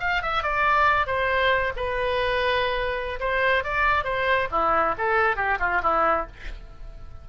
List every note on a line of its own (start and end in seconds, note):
0.00 0.22 F5
0.22 0.43 E5
0.43 1.07 D5
1.07 1.73 C5
1.76 3.20 B4
3.20 3.64 C5
3.64 4.04 D5
4.04 4.48 C5
4.51 4.95 E4
4.98 5.36 A4
5.36 5.58 G4
5.59 5.81 F4
5.83 6.27 E4